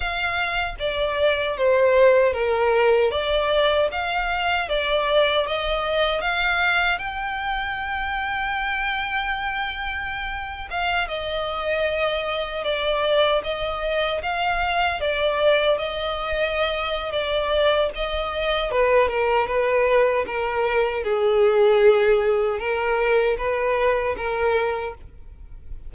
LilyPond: \new Staff \with { instrumentName = "violin" } { \time 4/4 \tempo 4 = 77 f''4 d''4 c''4 ais'4 | d''4 f''4 d''4 dis''4 | f''4 g''2.~ | g''4.~ g''16 f''8 dis''4.~ dis''16~ |
dis''16 d''4 dis''4 f''4 d''8.~ | d''16 dis''4.~ dis''16 d''4 dis''4 | b'8 ais'8 b'4 ais'4 gis'4~ | gis'4 ais'4 b'4 ais'4 | }